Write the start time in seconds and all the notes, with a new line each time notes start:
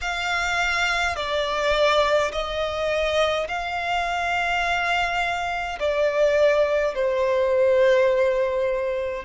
0.01 F5
1.15 D5
2.32 D#5
3.48 F5
5.79 D5
6.94 C5